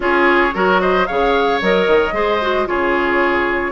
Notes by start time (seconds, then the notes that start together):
0.00 C#4 F4 G#4 C#5
0.53 F#3 F#4 A#4
0.80 C5 D#5
1.06 C#3 G#4 C#5 F5
1.61 F#3 A#4 D#5
1.87 D#3
2.12 G#3 G#4 C5
2.41 F#4
2.65 C#3 F4 G#4 C#5